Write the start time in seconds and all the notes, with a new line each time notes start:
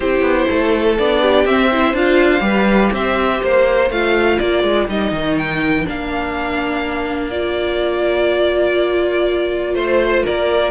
0.00 C4 E4 G4 C5
0.21 B3
0.49 A3 A4
0.98 B3 D4 D5
1.21 G4
1.45 C4 E5
1.72 E4 C5
1.93 D4 F4 F5
2.40 G3 G4 B4
2.92 C4 C5 E5
3.42 A#3 C5
3.89 A3 F4 F5
4.38 A#3 A#4 D5
4.63 G#3
4.88 G3 D#4 D#5
5.11 D#3
5.37 G5
5.85 A#3 D4 F5
7.30 F4 D5
9.74 A3 C5
10.23 A#3 A#4 D5